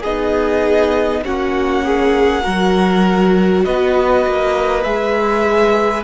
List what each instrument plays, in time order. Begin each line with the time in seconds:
0.00 cello B3, viola D#4, violin G#4 D#5
1.24 cello A#3, viola C#4, violin F#4 F#5
1.84 violin G#4
2.41 cello F#3, viola F#4, violin A#4
3.64 cello B3, violin B4 D#5
4.26 cello A#3
4.83 cello G#3, viola G#4, violin E5